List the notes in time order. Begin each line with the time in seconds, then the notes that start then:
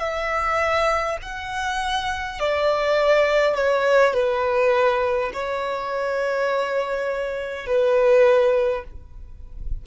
0.00 E5
1.22 F#5
2.40 D5
3.56 C#5
4.14 B4
5.34 C#5
7.67 B4